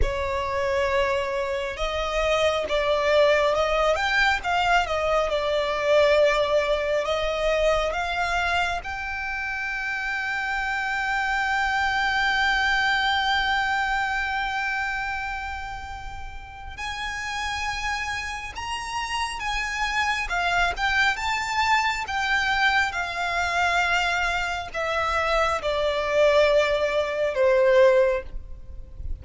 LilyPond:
\new Staff \with { instrumentName = "violin" } { \time 4/4 \tempo 4 = 68 cis''2 dis''4 d''4 | dis''8 g''8 f''8 dis''8 d''2 | dis''4 f''4 g''2~ | g''1~ |
g''2. gis''4~ | gis''4 ais''4 gis''4 f''8 g''8 | a''4 g''4 f''2 | e''4 d''2 c''4 | }